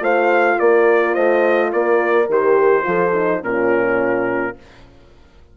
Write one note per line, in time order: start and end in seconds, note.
0.00 0.57 A3
0.00 2.27 F4
0.00 0.58 C5
0.00 0.59 F5
0.59 1.16 A#3
0.59 1.14 A#4
0.59 1.14 D5
1.14 1.73 A3
1.14 1.70 C5
1.14 1.71 D#5
1.72 2.28 A#3
1.72 2.86 A#4
1.72 2.29 D5
2.28 2.85 D#3
2.28 2.83 G4
2.28 3.43 C5
2.83 3.42 F3
2.83 3.12 F4
2.83 3.43 A4
3.13 3.41 D#4
3.41 4.55 A#2
3.41 4.54 C#4
3.41 4.57 F4
3.41 4.56 A#4